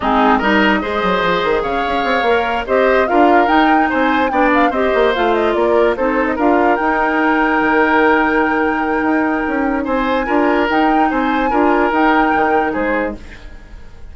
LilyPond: <<
  \new Staff \with { instrumentName = "flute" } { \time 4/4 \tempo 4 = 146 gis'4 dis''2. | f''2~ f''8 dis''4 f''8~ | f''8 g''4 gis''4 g''8 f''8 dis''8~ | dis''8 f''8 dis''8 d''4 c''8. dis''16 f''8~ |
f''8 g''2.~ g''8~ | g''1 | gis''2 g''4 gis''4~ | gis''4 g''2 c''4 | }
  \new Staff \with { instrumentName = "oboe" } { \time 4/4 dis'4 ais'4 c''2 | cis''2~ cis''8 c''4 ais'8~ | ais'4. c''4 d''4 c''8~ | c''4. ais'4 a'4 ais'8~ |
ais'1~ | ais'1 | c''4 ais'2 c''4 | ais'2. gis'4 | }
  \new Staff \with { instrumentName = "clarinet" } { \time 4/4 c'4 dis'4 gis'2~ | gis'4. ais'4 g'4 f'8~ | f'8 dis'2 d'4 g'8~ | g'8 f'2 dis'4 f'8~ |
f'8 dis'2.~ dis'8~ | dis'1~ | dis'4 f'4 dis'2 | f'4 dis'2. | }
  \new Staff \with { instrumentName = "bassoon" } { \time 4/4 gis4 g4 gis8 fis8 f8 dis8 | cis8 cis'8 c'8 ais4 c'4 d'8~ | d'8 dis'4 c'4 b4 c'8 | ais8 a4 ais4 c'4 d'8~ |
d'8 dis'2 dis4.~ | dis2 dis'4 cis'4 | c'4 d'4 dis'4 c'4 | d'4 dis'4 dis4 gis4 | }
>>